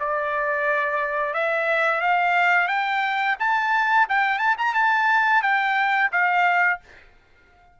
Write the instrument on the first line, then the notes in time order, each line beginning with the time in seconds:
trumpet
0.00 D5
1.34 E5
2.01 F5
2.68 G5
3.39 A5
4.09 G5
4.39 A5
4.58 A#5
4.74 A5
5.42 G5
6.12 F5